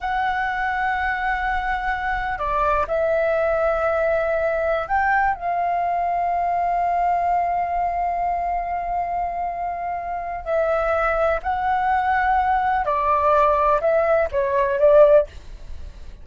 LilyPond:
\new Staff \with { instrumentName = "flute" } { \time 4/4 \tempo 4 = 126 fis''1~ | fis''4 d''4 e''2~ | e''2~ e''16 g''4 f''8.~ | f''1~ |
f''1~ | f''2 e''2 | fis''2. d''4~ | d''4 e''4 cis''4 d''4 | }